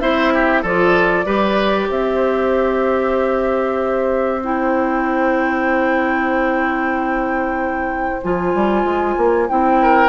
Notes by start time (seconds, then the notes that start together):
0.00 C4 E4 C5 E5
0.34 G4
0.62 F3 F4 A4 D5
1.26 G3 G4 B4
1.89 C4 C5 E5
4.43 E4 G5
8.23 F3 F4 G#5
8.54 G3
8.84 G#3
9.17 A#3
9.49 C4 E4 G5
9.82 A#4